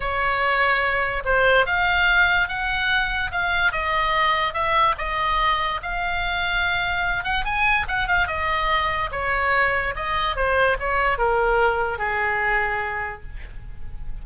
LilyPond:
\new Staff \with { instrumentName = "oboe" } { \time 4/4 \tempo 4 = 145 cis''2. c''4 | f''2 fis''2 | f''4 dis''2 e''4 | dis''2 f''2~ |
f''4. fis''8 gis''4 fis''8 f''8 | dis''2 cis''2 | dis''4 c''4 cis''4 ais'4~ | ais'4 gis'2. | }